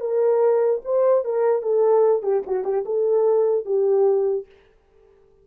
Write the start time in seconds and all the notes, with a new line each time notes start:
0.00 A#4
0.84 C5
1.24 A#4
1.62 A4
2.22 G4
2.46 F#4
2.64 G4
2.85 A4
3.65 G4